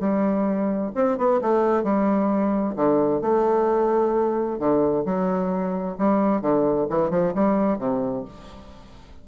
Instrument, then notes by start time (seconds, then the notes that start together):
bassoon
0.00 G3
0.95 C4
1.18 B3
1.41 A3
1.83 G3
2.76 D3
3.22 A3
4.59 D3
5.06 F#3
5.98 G3
6.42 D3
6.90 E3
7.10 F3
7.35 G3
7.79 C3